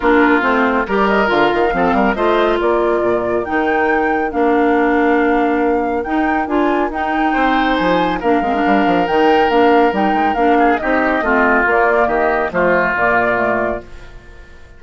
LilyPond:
<<
  \new Staff \with { instrumentName = "flute" } { \time 4/4 \tempo 4 = 139 ais'4 c''4 d''8 dis''8 f''4~ | f''4 dis''4 d''2 | g''2 f''2~ | f''2 g''4 gis''4 |
g''2 gis''4 f''4~ | f''4 g''4 f''4 g''4 | f''4 dis''2 d''4 | dis''4 c''4 d''2 | }
  \new Staff \with { instrumentName = "oboe" } { \time 4/4 f'2 ais'2 | a'8 ais'8 c''4 ais'2~ | ais'1~ | ais'1~ |
ais'4 c''2 ais'4~ | ais'1~ | ais'8 gis'8 g'4 f'2 | g'4 f'2. | }
  \new Staff \with { instrumentName = "clarinet" } { \time 4/4 d'4 c'4 g'4 f'4 | c'4 f'2. | dis'2 d'2~ | d'2 dis'4 f'4 |
dis'2. d'8 c'16 d'16~ | d'4 dis'4 d'4 dis'4 | d'4 dis'4 c'4 ais4~ | ais4 a4 ais4 a4 | }
  \new Staff \with { instrumentName = "bassoon" } { \time 4/4 ais4 a4 g4 d8 dis8 | f8 g8 a4 ais4 ais,4 | dis2 ais2~ | ais2 dis'4 d'4 |
dis'4 c'4 f4 ais8 gis8 | g8 f8 dis4 ais4 g8 gis8 | ais4 c'4 a4 ais4 | dis4 f4 ais,2 | }
>>